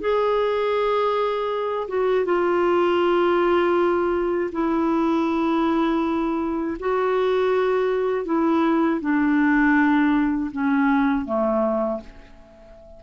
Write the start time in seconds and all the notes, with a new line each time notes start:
0.00 G#4
1.88 F#4
2.25 F4
4.52 E4
6.79 F#4
8.25 E4
9.01 D4
10.51 C#4
11.25 A3